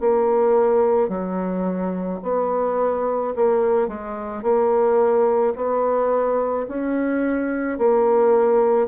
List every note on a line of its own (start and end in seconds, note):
0.00 1.08 A#3
1.08 2.19 F#3
2.22 3.33 B3
3.36 3.88 A#3
3.88 4.42 G#3
4.42 5.54 A#3
5.56 6.67 B3
6.68 7.78 C#4
7.78 8.87 A#3